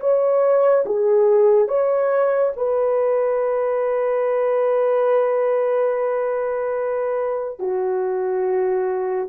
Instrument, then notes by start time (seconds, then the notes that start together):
horn
0.00 C#5
0.85 G#4
1.68 C#5
2.56 B4
7.59 F#4